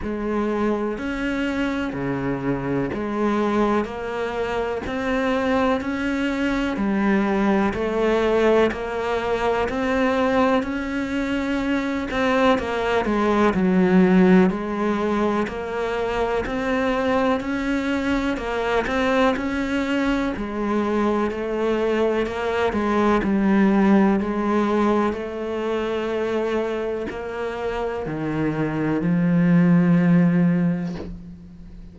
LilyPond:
\new Staff \with { instrumentName = "cello" } { \time 4/4 \tempo 4 = 62 gis4 cis'4 cis4 gis4 | ais4 c'4 cis'4 g4 | a4 ais4 c'4 cis'4~ | cis'8 c'8 ais8 gis8 fis4 gis4 |
ais4 c'4 cis'4 ais8 c'8 | cis'4 gis4 a4 ais8 gis8 | g4 gis4 a2 | ais4 dis4 f2 | }